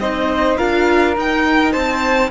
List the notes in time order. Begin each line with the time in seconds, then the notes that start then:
0.00 C4 D#4 C5 D#5
0.57 D4 F4 A#4 F5
1.17 D#4 G5
1.72 C4 C5 A5